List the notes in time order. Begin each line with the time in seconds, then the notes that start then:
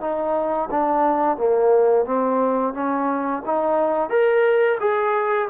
0.00 D#4
0.71 D4
1.37 A#3
2.05 C4
2.73 C#4
3.45 D#4
4.09 A#4
4.80 G#4